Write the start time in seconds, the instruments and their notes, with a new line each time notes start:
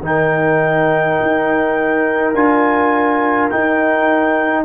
0.00 tuba D#3, trombone D#4, trumpet G5
0.06 horn A#4
1.22 tuba D#4
2.34 tuba D4, trombone F4, trumpet G#5
3.50 trombone D#4, tuba D#4, trumpet G5